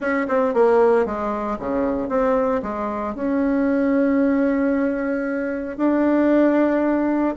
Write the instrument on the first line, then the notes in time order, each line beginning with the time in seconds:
bassoon
0.00 C#4
0.28 C4
0.54 A#3
1.05 G#3
1.59 C#3
2.08 C4
2.62 G#3
3.15 C#4
5.77 D4